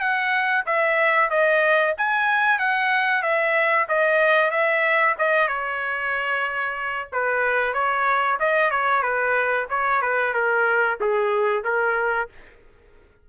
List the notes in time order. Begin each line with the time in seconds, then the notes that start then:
0.00 F#5
0.66 E5
1.30 D#5
1.97 G#5
2.59 F#5
3.22 E5
3.88 D#5
4.51 E5
5.18 D#5
5.48 C#5
7.12 B4
7.73 C#5
8.40 D#5
8.70 C#5
9.02 B4
9.69 C#5
10.01 B4
10.33 A#4
11.00 G#4
11.64 A#4